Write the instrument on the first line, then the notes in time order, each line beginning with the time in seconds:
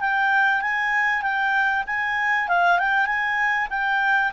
clarinet
0.00 G5
0.61 G#5
1.22 G5
1.86 G#5
2.48 F5
2.79 G5
3.06 G#5
3.70 G5